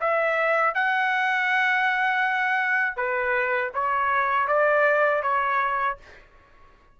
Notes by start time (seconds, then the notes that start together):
0.00 E5
0.74 F#5
2.96 B4
3.74 C#5
4.47 D5
5.22 C#5